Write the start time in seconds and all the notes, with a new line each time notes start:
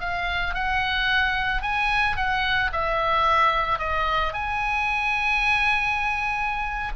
0.00 F5
0.55 F#5
1.62 G#5
2.16 F#5
2.72 E5
3.79 D#5
4.33 G#5